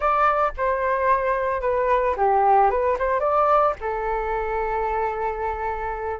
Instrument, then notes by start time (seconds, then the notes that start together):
flute
0.00 D5
0.57 C5
1.61 B4
2.16 G4
2.70 B4
2.98 C5
3.20 D5
3.80 A4